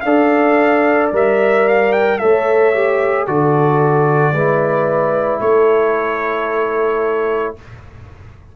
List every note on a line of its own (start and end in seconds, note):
0.00 1.11 D4
0.00 1.13 A4
0.00 2.19 D5
0.00 1.07 F5
1.12 2.19 G3
1.12 2.19 A#4
1.12 1.68 E5
1.68 1.92 F5
1.92 2.18 G5
2.18 3.27 A3
2.18 2.73 A4
2.18 3.27 C#5
2.18 3.25 E5
2.73 3.26 G4
3.26 4.32 D3
3.26 4.33 F#4
3.26 4.33 A4
3.26 5.40 D5
4.32 5.39 G#3
4.32 7.56 E4
4.32 5.40 B4
5.40 7.54 A3
5.40 7.56 A4
5.40 7.54 C#5